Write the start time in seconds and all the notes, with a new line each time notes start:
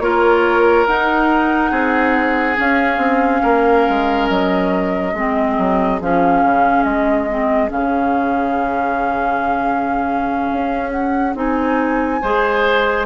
0.00 A#3 F4 A#4 C#5
0.87 D#4 F#5
1.71 C4 G#4
2.56 C#4 F5
2.98 C4
3.43 A#3 A#4
3.89 G#3
4.29 F#3 D#5
5.14 G#3 C4 G#4
5.58 F#3
6.01 F3 C#4 F5
6.44 C#3
6.84 G#3 D#5
7.30 C4
7.68 C#3 C#4 F5
10.52 C#4
10.91 F#5
11.35 C4 D#4 G#5
12.22 G#3 G#4 C5